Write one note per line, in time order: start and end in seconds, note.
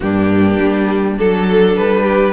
0.00 0.59 G2
0.00 1.17 A#3
0.00 1.19 D4
0.00 1.18 G4
0.59 1.18 G3
1.17 1.77 F#3
1.17 2.32 D4
1.17 1.76 A4
1.17 2.03 A4
1.76 2.32 G3
1.76 2.32 B4
2.03 2.32 G4